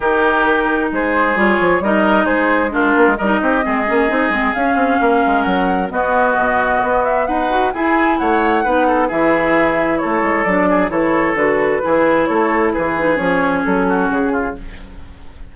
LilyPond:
<<
  \new Staff \with { instrumentName = "flute" } { \time 4/4 \tempo 4 = 132 ais'2 c''4 cis''4 | dis''4 c''4 ais'4 dis''4~ | dis''2 f''2 | fis''4 dis''2~ dis''8 e''8 |
fis''4 gis''4 fis''2 | e''2 cis''4 d''4 | cis''4 b'2 cis''4 | b'4 cis''4 a'4 gis'4 | }
  \new Staff \with { instrumentName = "oboe" } { \time 4/4 g'2 gis'2 | ais'4 gis'4 f'4 ais'8 g'8 | gis'2. ais'4~ | ais'4 fis'2. |
b'4 gis'4 cis''4 b'8 a'8 | gis'2 a'4. gis'8 | a'2 gis'4 a'4 | gis'2~ gis'8 fis'4 f'8 | }
  \new Staff \with { instrumentName = "clarinet" } { \time 4/4 dis'2. f'4 | dis'2 d'4 dis'4 | c'8 cis'8 dis'8 c'8 cis'2~ | cis'4 b2.~ |
b8 fis'8 e'2 dis'4 | e'2. d'4 | e'4 fis'4 e'2~ | e'8 dis'8 cis'2. | }
  \new Staff \with { instrumentName = "bassoon" } { \time 4/4 dis2 gis4 g8 f8 | g4 gis4. ais16 gis16 g8 c'8 | gis8 ais8 c'8 gis8 cis'8 c'8 ais8 gis8 | fis4 b4 b,4 b4 |
dis'4 e'4 a4 b4 | e2 a8 gis8 fis4 | e4 d4 e4 a4 | e4 f4 fis4 cis4 | }
>>